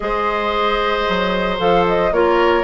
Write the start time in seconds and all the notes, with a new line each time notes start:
0.00 G#3 G#4 C5 D#5
1.08 F#3
1.58 F3 A4 F5
1.87 D#5
2.11 A#3 F4 A#4 C#5